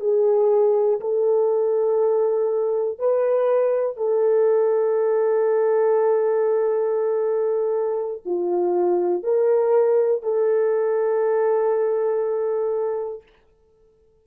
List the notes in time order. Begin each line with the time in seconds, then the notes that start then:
0.00 G#4
1.00 A4
2.99 B4
3.97 A4
8.25 F4
9.24 A#4
10.23 A4